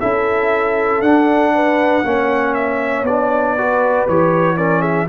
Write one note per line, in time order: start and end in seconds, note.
0.00 1.01 C#4
0.00 1.03 E4
0.00 1.53 A4
0.00 1.01 E5
1.01 2.03 D4
1.01 2.04 D4
1.01 2.54 F#5
1.55 2.06 B4
2.04 3.03 A#3
2.04 3.06 C#4
2.04 3.58 C#5
2.54 3.05 E5
3.03 4.05 B3
3.03 3.58 D4
3.03 4.08 D5
3.58 4.08 F#4
3.58 4.57 B4
4.08 5.09 E3
4.08 4.57 G4
4.08 4.57 C#5
4.57 5.08 C#4
4.57 4.80 A#4
4.57 4.82 D5
4.80 5.06 G#4
4.80 5.07 E5